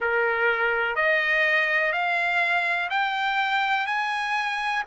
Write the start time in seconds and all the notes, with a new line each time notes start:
0.00 A#4
0.95 D#5
1.92 F5
2.89 G5
3.86 G#5